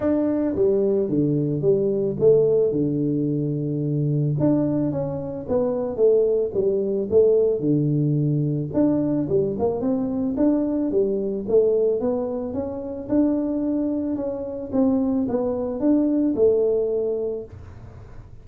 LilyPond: \new Staff \with { instrumentName = "tuba" } { \time 4/4 \tempo 4 = 110 d'4 g4 d4 g4 | a4 d2. | d'4 cis'4 b4 a4 | g4 a4 d2 |
d'4 g8 ais8 c'4 d'4 | g4 a4 b4 cis'4 | d'2 cis'4 c'4 | b4 d'4 a2 | }